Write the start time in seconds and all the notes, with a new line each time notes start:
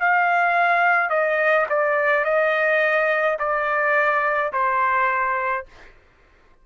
0.00 F5
1.10 D#5
1.69 D5
2.24 D#5
3.39 D5
4.53 C5